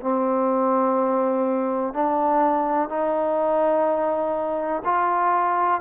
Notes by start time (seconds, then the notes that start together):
0.00 C4
1.94 D4
2.89 D#4
4.84 F4